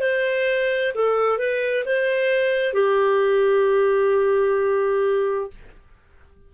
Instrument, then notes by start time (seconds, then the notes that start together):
clarinet
0.00 C5
0.94 A4
1.38 B4
1.85 C5
2.73 G4